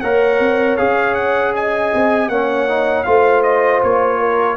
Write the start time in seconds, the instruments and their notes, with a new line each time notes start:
0.00 tuba A#3, trombone A#4, horn C#5, trumpet F#5
0.39 tuba C4
0.76 tuba C#4, trombone G#4, trumpet F5
1.14 trumpet F#5
1.54 horn D#5, trumpet G#5
1.94 tuba C4
2.28 tuba A#3, trombone C#4, horn C#5, trumpet F#5
2.68 trombone D#4
3.03 tuba A3, trombone F4, horn C5, trumpet F5
3.42 trumpet D#5
3.83 tuba A#3, trumpet C#5
4.18 horn A#4